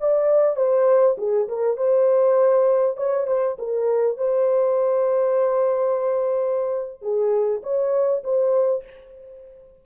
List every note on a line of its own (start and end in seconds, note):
0.00 0.56 D5
0.56 1.16 C5
1.18 1.48 G#4
1.48 1.77 A#4
1.77 2.97 C5
2.97 3.27 C#5
3.27 3.57 C5
3.59 4.17 A#4
4.17 7.02 C5
7.02 7.62 G#4
7.63 8.23 C#5
8.24 8.84 C5